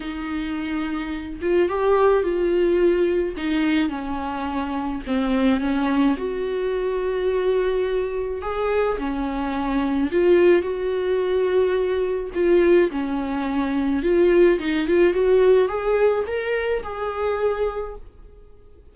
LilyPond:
\new Staff \with { instrumentName = "viola" } { \time 4/4 \tempo 4 = 107 dis'2~ dis'8 f'8 g'4 | f'2 dis'4 cis'4~ | cis'4 c'4 cis'4 fis'4~ | fis'2. gis'4 |
cis'2 f'4 fis'4~ | fis'2 f'4 cis'4~ | cis'4 f'4 dis'8 f'8 fis'4 | gis'4 ais'4 gis'2 | }